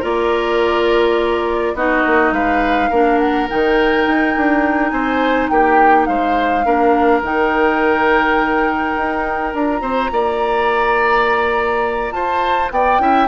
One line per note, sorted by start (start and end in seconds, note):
0.00 1.74 A#3
0.00 1.75 F4
0.00 1.73 A#4
0.00 1.76 D5
1.74 2.03 B3
1.74 2.92 D#4
1.74 2.34 F#4
1.74 2.33 D#5
2.06 2.31 A#3
2.31 2.89 G#3
2.31 2.90 B4
2.31 3.19 F5
2.90 3.49 A#3
2.90 3.49 D4
2.90 4.92 A#4
3.19 3.48 F#5
3.49 4.07 D#3
3.49 6.65 D#4
3.49 4.90 G5
4.07 4.36 D#4
4.37 4.92 D4
4.90 5.50 C4
4.90 5.51 C5
4.90 5.47 G#5
5.49 6.08 A#3
5.49 6.08 G4
5.49 6.05 G5
6.05 6.66 G#3
6.05 6.66 C5
6.05 7.21 F5
6.65 7.22 A#3
6.65 7.23 D4
6.65 9.81 A#4
7.22 8.95 D#3
7.22 9.53 D#4
7.22 9.54 G5
8.97 9.54 D#4
9.53 9.81 D4
9.53 12.99 F4
9.53 12.12 A#5
9.81 10.10 C4
9.81 10.10 C5
10.12 12.12 A#3
10.12 12.15 D5
12.12 12.69 F4
12.12 12.72 C5
12.12 12.69 A5
12.71 12.99 B3
12.71 13.02 D5
12.71 13.28 G5
12.99 13.28 C#4
12.99 13.28 E4
12.99 13.28 E5